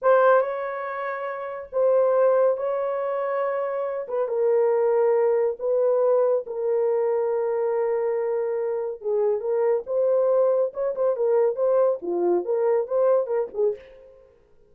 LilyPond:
\new Staff \with { instrumentName = "horn" } { \time 4/4 \tempo 4 = 140 c''4 cis''2. | c''2 cis''2~ | cis''4. b'8 ais'2~ | ais'4 b'2 ais'4~ |
ais'1~ | ais'4 gis'4 ais'4 c''4~ | c''4 cis''8 c''8 ais'4 c''4 | f'4 ais'4 c''4 ais'8 gis'8 | }